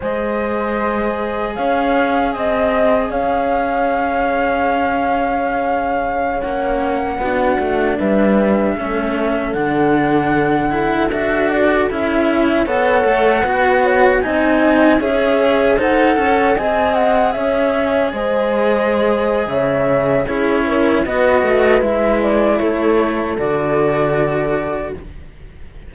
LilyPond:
<<
  \new Staff \with { instrumentName = "flute" } { \time 4/4 \tempo 4 = 77 dis''2 f''4 dis''4 | f''1~ | f''16 fis''2 e''4.~ e''16~ | e''16 fis''2 e''8 d''8 e''8.~ |
e''16 fis''2 gis''4 e''8.~ | e''16 fis''4 gis''8 fis''8 e''4 dis''8.~ | dis''4 e''4 cis''4 dis''4 | e''8 d''8 cis''4 d''2 | }
  \new Staff \with { instrumentName = "horn" } { \time 4/4 c''2 cis''4 dis''4 | cis''1~ | cis''4~ cis''16 fis'4 b'4 a'8.~ | a'1~ |
a'16 cis''4 b'8 cis''8 dis''4 cis''8.~ | cis''16 c''8 cis''8 dis''4 cis''4 c''8.~ | c''4 cis''4 gis'8 ais'8 b'4~ | b'4 a'2. | }
  \new Staff \with { instrumentName = "cello" } { \time 4/4 gis'1~ | gis'1~ | gis'16 cis'4 d'2 cis'8.~ | cis'16 d'4. e'8 fis'4 e'8.~ |
e'16 a'4 fis'4 dis'4 gis'8.~ | gis'16 a'4 gis'2~ gis'8.~ | gis'2 e'4 fis'4 | e'2 fis'2 | }
  \new Staff \with { instrumentName = "cello" } { \time 4/4 gis2 cis'4 c'4 | cis'1~ | cis'16 ais4 b8 a8 g4 a8.~ | a16 d2 d'4 cis'8.~ |
cis'16 b8 a8 b4 c'4 cis'8.~ | cis'16 dis'8 cis'8 c'4 cis'4 gis8.~ | gis4 cis4 cis'4 b8 a8 | gis4 a4 d2 | }
>>